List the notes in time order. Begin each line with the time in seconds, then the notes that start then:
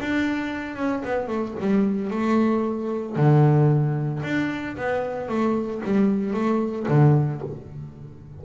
0.00 D4
0.76 C#4
1.05 B3
1.28 A3
1.60 G3
2.11 A3
3.16 D3
4.23 D4
4.77 B3
5.29 A3
5.85 G3
6.34 A3
6.89 D3